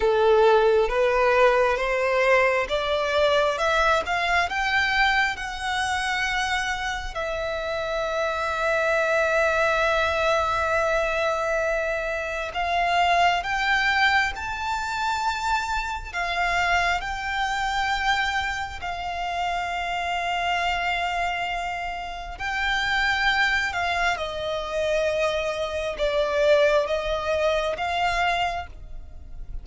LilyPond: \new Staff \with { instrumentName = "violin" } { \time 4/4 \tempo 4 = 67 a'4 b'4 c''4 d''4 | e''8 f''8 g''4 fis''2 | e''1~ | e''2 f''4 g''4 |
a''2 f''4 g''4~ | g''4 f''2.~ | f''4 g''4. f''8 dis''4~ | dis''4 d''4 dis''4 f''4 | }